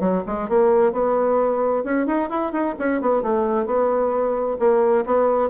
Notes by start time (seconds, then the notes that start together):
0.00 F#3
0.26 G#3
0.49 A#3
0.93 B3
1.84 C#4
2.07 D#4
2.29 E4
2.52 D#4
2.79 C#4
3.01 B3
3.22 A3
3.66 B3
4.59 A#3
5.06 B3